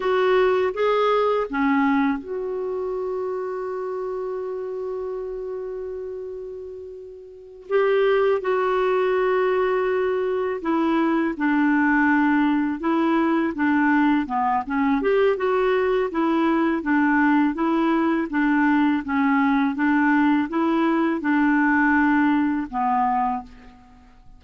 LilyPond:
\new Staff \with { instrumentName = "clarinet" } { \time 4/4 \tempo 4 = 82 fis'4 gis'4 cis'4 fis'4~ | fis'1~ | fis'2~ fis'8 g'4 fis'8~ | fis'2~ fis'8 e'4 d'8~ |
d'4. e'4 d'4 b8 | cis'8 g'8 fis'4 e'4 d'4 | e'4 d'4 cis'4 d'4 | e'4 d'2 b4 | }